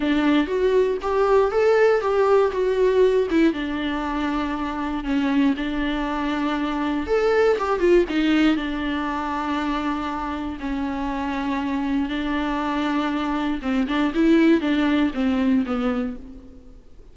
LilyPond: \new Staff \with { instrumentName = "viola" } { \time 4/4 \tempo 4 = 119 d'4 fis'4 g'4 a'4 | g'4 fis'4. e'8 d'4~ | d'2 cis'4 d'4~ | d'2 a'4 g'8 f'8 |
dis'4 d'2.~ | d'4 cis'2. | d'2. c'8 d'8 | e'4 d'4 c'4 b4 | }